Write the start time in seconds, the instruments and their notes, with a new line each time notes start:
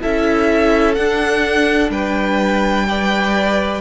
0.00 cello C#4, viola E4, violin A4 E5
0.94 viola D4, cello D4, violin F#5
1.89 cello G3, violin B4 G5
2.87 viola B4, violin D5